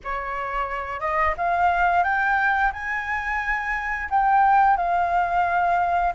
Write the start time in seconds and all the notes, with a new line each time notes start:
0.03 C#5
1.00 D#5
1.37 F5
2.03 G5
2.72 G#5
4.09 G5
4.76 F5